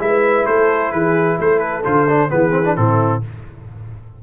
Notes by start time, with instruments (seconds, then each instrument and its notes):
0.00 tuba G#3, trombone E4, horn B4, trumpet E5
0.46 tuba A3, horn A4, trumpet C5
0.92 tuba E3, horn G#4, trumpet B4
1.38 tuba A3, horn A4, trumpet C5
1.60 trumpet B4
1.85 tuba D3, trombone F4, trumpet C5
2.09 trombone D4
2.30 tuba E3, trombone B3, horn G#4, trumpet B4
2.51 trombone C4
2.66 trombone D4
2.76 tuba A2, trombone C4, horn E4, trumpet A4